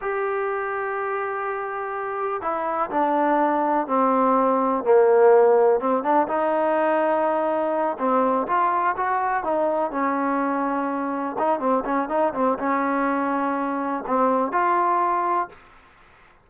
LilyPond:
\new Staff \with { instrumentName = "trombone" } { \time 4/4 \tempo 4 = 124 g'1~ | g'4 e'4 d'2 | c'2 ais2 | c'8 d'8 dis'2.~ |
dis'8 c'4 f'4 fis'4 dis'8~ | dis'8 cis'2. dis'8 | c'8 cis'8 dis'8 c'8 cis'2~ | cis'4 c'4 f'2 | }